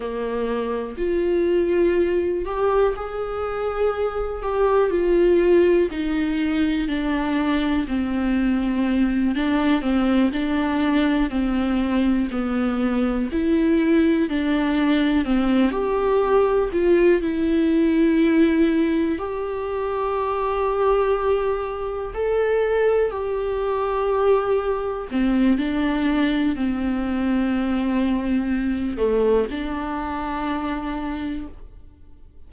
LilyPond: \new Staff \with { instrumentName = "viola" } { \time 4/4 \tempo 4 = 61 ais4 f'4. g'8 gis'4~ | gis'8 g'8 f'4 dis'4 d'4 | c'4. d'8 c'8 d'4 c'8~ | c'8 b4 e'4 d'4 c'8 |
g'4 f'8 e'2 g'8~ | g'2~ g'8 a'4 g'8~ | g'4. c'8 d'4 c'4~ | c'4. a8 d'2 | }